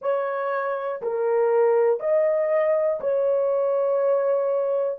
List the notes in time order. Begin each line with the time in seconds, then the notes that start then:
0.01 C#5
1.02 A#4
2.00 D#5
3.00 C#5